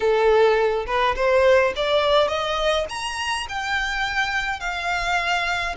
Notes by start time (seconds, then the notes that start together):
0.00 A4
0.86 B4
1.15 C5
1.76 D5
2.28 D#5
2.89 A#5
3.49 G5
4.60 F5